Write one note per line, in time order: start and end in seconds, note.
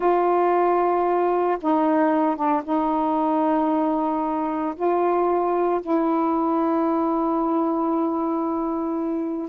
0.00 1.57 F4
1.61 2.35 D#4
2.35 2.62 D4
2.63 4.74 D#4
4.75 5.80 F4
5.81 9.48 E4